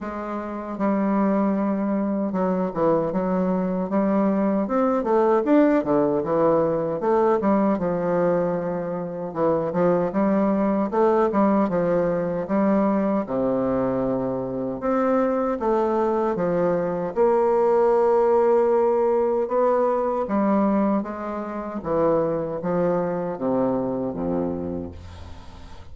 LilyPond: \new Staff \with { instrumentName = "bassoon" } { \time 4/4 \tempo 4 = 77 gis4 g2 fis8 e8 | fis4 g4 c'8 a8 d'8 d8 | e4 a8 g8 f2 | e8 f8 g4 a8 g8 f4 |
g4 c2 c'4 | a4 f4 ais2~ | ais4 b4 g4 gis4 | e4 f4 c4 f,4 | }